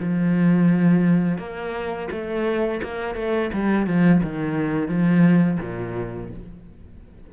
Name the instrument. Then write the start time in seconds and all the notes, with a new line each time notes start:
cello
0.00 F3
1.38 A#3
2.12 A3
2.83 A#3
3.15 A3
3.53 G3
3.87 F3
4.23 D#3
4.88 F3
5.60 A#2